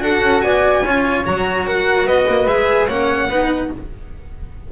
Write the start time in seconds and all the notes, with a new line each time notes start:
0.00 D4 F#4 A4 F#5
0.22 C#4
0.41 B3 D5 G#5
0.85 C#4 F4 C#5
1.25 F#3 F#4 A#5
1.66 A#4 F#5
2.05 B3 B4 D#5
2.28 A#3
2.46 G#3 G#4 E5
2.87 A#3 C#4 C#5 F#5
3.29 B3 D#4 B4